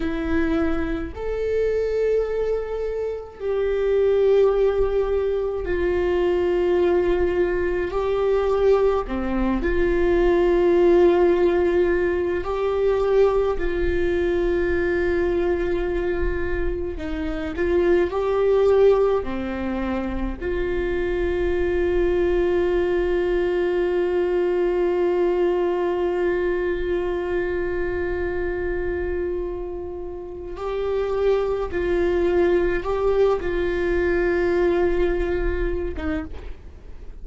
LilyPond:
\new Staff \with { instrumentName = "viola" } { \time 4/4 \tempo 4 = 53 e'4 a'2 g'4~ | g'4 f'2 g'4 | c'8 f'2~ f'8 g'4 | f'2. dis'8 f'8 |
g'4 c'4 f'2~ | f'1~ | f'2. g'4 | f'4 g'8 f'2~ f'16 dis'16 | }